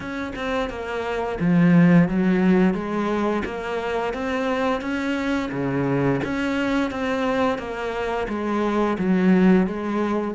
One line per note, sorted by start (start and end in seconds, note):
0.00 0.32 C#4
0.35 0.69 C4
0.69 1.38 A#3
1.39 2.08 F3
2.08 2.73 F#3
2.73 3.42 G#3
3.45 4.13 A#3
4.13 4.81 C4
4.81 5.50 C#4
5.51 6.20 C#3
6.24 6.90 C#4
6.90 7.58 C4
7.58 8.27 A#3
8.28 8.97 G#3
8.98 9.66 F#3
9.66 10.34 G#3